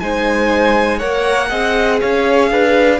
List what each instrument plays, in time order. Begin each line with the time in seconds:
0.00 cello G#3, viola D#4, violin C5 G#5
0.98 cello A#3, viola A#4, violin C#5 F#5
1.49 cello C4, viola G#4, violin D#5
2.01 cello C#4, violin C#5 F5
2.50 cello D4, violin B4